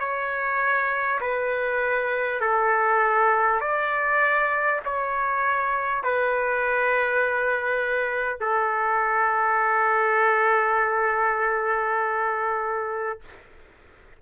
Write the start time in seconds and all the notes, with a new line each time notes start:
0.00 C#5
1.21 B4
2.41 A4
3.61 D5
4.85 C#5
6.04 B4
8.41 A4